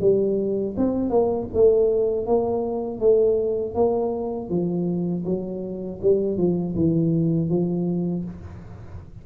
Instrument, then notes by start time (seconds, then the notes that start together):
tuba
0.00 G3
0.77 C4
1.09 A#3
1.54 A3
2.26 A#3
3.00 A3
3.74 A#3
4.49 F3
5.25 F#3
6.01 G3
6.37 F3
6.75 E3
7.49 F3